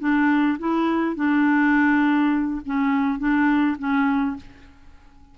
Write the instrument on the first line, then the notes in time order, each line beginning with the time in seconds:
clarinet
0.00 D4
0.59 E4
1.16 D4
2.66 C#4
3.19 D4
3.79 C#4